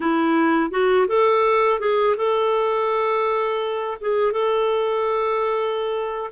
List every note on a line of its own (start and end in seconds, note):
0.00 0.70 E4
0.70 1.06 F#4
1.07 1.79 A4
1.79 2.15 G#4
2.17 3.97 A4
4.00 4.32 G#4
4.32 6.31 A4